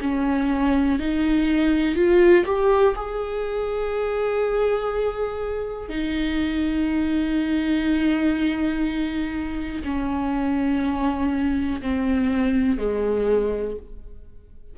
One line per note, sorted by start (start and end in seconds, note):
0.00 0.98 C#4
0.98 1.95 D#4
1.95 2.45 F4
2.45 2.94 G4
2.95 5.88 G#4
5.88 9.82 D#4
9.84 11.81 C#4
11.81 12.77 C4
12.77 13.76 G#3